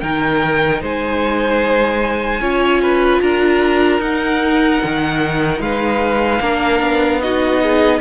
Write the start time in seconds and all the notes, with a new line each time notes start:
0.00 D#3 D#4 A#4 G5
0.82 G#3 C5 G#5
2.41 C#4 F4 C#5
2.82 B4
3.22 D4 A#4 A#5
4.00 D#4 F#5
4.84 D#3
5.60 G#3 B4 F5
6.41 A#3 D4 A#4
6.81 B3
7.21 D#4 F#4 D#5
7.63 G#4